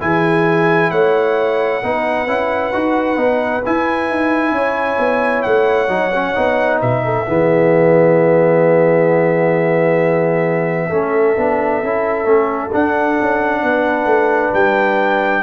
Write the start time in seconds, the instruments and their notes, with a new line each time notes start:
0.00 tuba E3, trombone E4, horn G#4, trumpet G#5
0.91 tuba A3, horn C#5, trumpet F#5
1.83 tuba B3, trombone D#4, horn B4
2.27 tuba C#4, trombone E4
2.73 tuba D#4, trombone F#4
3.17 tuba B3, trombone D#4
3.65 trombone E4, tuba E4, trumpet G#5
4.09 tuba D#4
4.52 tuba C#4, horn C#5
4.99 tuba B3
5.42 tuba A3, trumpet F#5
5.88 tuba F#3, trombone D#4
6.14 trombone C#4
6.35 tuba B3, trombone D#4
6.80 tuba B2, horn B4, trumpet E5
7.05 horn A4
7.27 tuba E3, trombone B3, horn G#4
10.88 tuba A3, trombone C#4, horn A4
11.37 tuba B3, trombone D4
11.83 tuba C#4, trombone E4
12.25 tuba A3, trombone C#4
12.72 trombone D4, tuba D4, trumpet F#5
13.21 tuba C#4
13.63 tuba B3, horn B4
14.05 tuba A3
14.53 tuba G3, trumpet G5